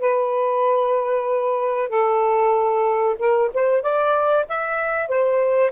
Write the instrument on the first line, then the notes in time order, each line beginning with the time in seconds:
saxophone
0.00 B4
1.89 A4
3.19 A#4
3.54 C5
3.82 D5
4.48 E5
5.08 C5